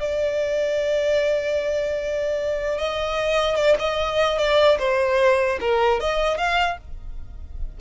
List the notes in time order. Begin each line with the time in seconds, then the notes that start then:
0.00 D5
2.79 D#5
3.56 D5
3.79 D#5
4.38 D5
4.79 C5
5.61 A#4
6.00 D#5
6.38 F5